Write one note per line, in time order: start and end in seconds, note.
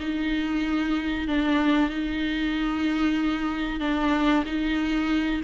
0.00 1.28 D#4
1.28 1.90 D4
1.90 3.80 D#4
3.80 4.44 D4
4.46 5.41 D#4